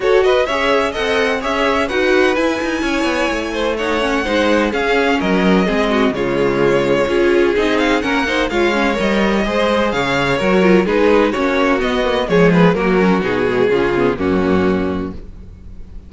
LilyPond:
<<
  \new Staff \with { instrumentName = "violin" } { \time 4/4 \tempo 4 = 127 cis''8 dis''8 e''4 fis''4 e''4 | fis''4 gis''2. | fis''2 f''4 dis''4~ | dis''4 cis''2. |
dis''8 f''8 fis''4 f''4 dis''4~ | dis''4 f''4 ais'4 b'4 | cis''4 dis''4 cis''8 b'8 ais'4 | gis'2 fis'2 | }
  \new Staff \with { instrumentName = "violin" } { \time 4/4 a'8 b'8 cis''4 dis''4 cis''4 | b'2 cis''4. c''8 | cis''4 c''4 gis'4 ais'4 | gis'8 fis'8 f'2 gis'4~ |
gis'4 ais'8 c''8 cis''2 | c''4 cis''2 gis'4 | fis'2 gis'4 fis'4~ | fis'4 f'4 cis'2 | }
  \new Staff \with { instrumentName = "viola" } { \time 4/4 fis'4 gis'4 a'4 gis'4 | fis'4 e'2. | dis'8 cis'8 dis'4 cis'2 | c'4 gis2 f'4 |
dis'4 cis'8 dis'8 f'8 cis'8 ais'4 | gis'2 fis'8 f'8 dis'4 | cis'4 b8 ais8 gis4 ais8 cis'8 | dis'8 gis8 cis'8 b8 ais2 | }
  \new Staff \with { instrumentName = "cello" } { \time 4/4 fis'4 cis'4 c'4 cis'4 | dis'4 e'8 dis'8 cis'8 b8 a4~ | a4 gis4 cis'4 fis4 | gis4 cis2 cis'4 |
c'4 ais4 gis4 g4 | gis4 cis4 fis4 gis4 | ais4 b4 f4 fis4 | b,4 cis4 fis,2 | }
>>